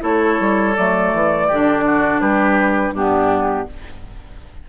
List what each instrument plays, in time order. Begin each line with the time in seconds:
0.00 bassoon A3, clarinet E4, oboe A4, flute C#5
0.40 bassoon G3
0.76 bassoon F#3, clarinet A3, flute D5
1.13 bassoon E3
1.48 bassoon D3, clarinet D4, oboe G4
1.86 oboe F#4
2.20 bassoon G3, oboe G4, flute B4
2.92 bassoon G2, clarinet B3, oboe D4, flute G4